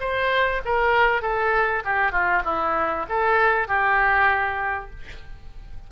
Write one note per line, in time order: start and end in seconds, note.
0.00 0.61 C5
0.65 1.22 A#4
1.22 1.83 A4
1.85 2.12 G4
2.12 2.42 F4
2.45 3.06 E4
3.09 3.67 A4
3.67 4.90 G4